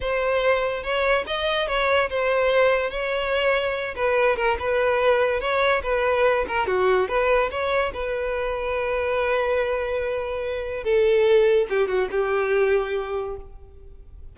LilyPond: \new Staff \with { instrumentName = "violin" } { \time 4/4 \tempo 4 = 144 c''2 cis''4 dis''4 | cis''4 c''2 cis''4~ | cis''4. b'4 ais'8 b'4~ | b'4 cis''4 b'4. ais'8 |
fis'4 b'4 cis''4 b'4~ | b'1~ | b'2 a'2 | g'8 fis'8 g'2. | }